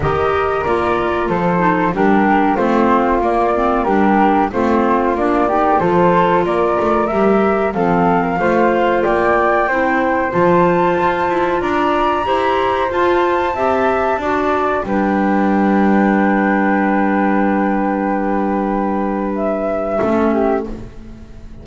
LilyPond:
<<
  \new Staff \with { instrumentName = "flute" } { \time 4/4 \tempo 4 = 93 dis''4 d''4 c''4 ais'4 | c''4 d''4 ais'4 c''4 | d''4 c''4 d''4 e''4 | f''2 g''2 |
a''2 ais''2 | a''2. g''4~ | g''1~ | g''2 e''2 | }
  \new Staff \with { instrumentName = "flute" } { \time 4/4 ais'2 a'4 g'4 | f'2 g'4 f'4~ | f'8 g'8 a'4 ais'2 | a'8. ais'16 c''4 d''4 c''4~ |
c''2 d''4 c''4~ | c''4 e''4 d''4 b'4~ | b'1~ | b'2. a'8 g'8 | }
  \new Staff \with { instrumentName = "clarinet" } { \time 4/4 g'4 f'4. dis'8 d'4 | c'4 ais8 c'8 d'4 c'4 | d'8 dis'8 f'2 g'4 | c'4 f'2 e'4 |
f'2. g'4 | f'4 g'4 fis'4 d'4~ | d'1~ | d'2. cis'4 | }
  \new Staff \with { instrumentName = "double bass" } { \time 4/4 dis4 ais4 f4 g4 | a4 ais4 g4 a4 | ais4 f4 ais8 a8 g4 | f4 a4 ais4 c'4 |
f4 f'8 e'8 d'4 e'4 | f'4 c'4 d'4 g4~ | g1~ | g2. a4 | }
>>